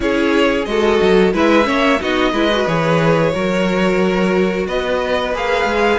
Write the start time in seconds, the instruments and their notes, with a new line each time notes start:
0.00 cello C#4, viola E4, violin G#4 C#5
0.65 cello G#3, viola F#4, violin A4 D#5
1.01 cello F#3
1.33 cello G#3, viola E4, violin B4 E5
1.63 cello A#3, viola C#4, violin C#5
2.00 cello B3, viola D#4, violin F#4 D#5
2.31 cello G#3, viola E4, violin B4
2.51 viola F#4
2.67 cello E3, viola G#4, violin C#5
3.32 cello F#3, viola F#4, violin A#4
4.67 cello B3, violin B4 D#5
5.34 cello A#3, viola G#4, violin F5
5.64 cello G#3